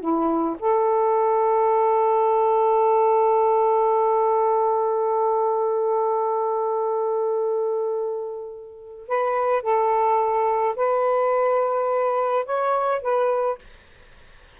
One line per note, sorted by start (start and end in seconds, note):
0.00 0.57 E4
0.59 9.08 A4
9.08 9.62 B4
9.62 10.75 A4
10.76 12.45 B4
12.45 13.01 C#5
13.01 13.58 B4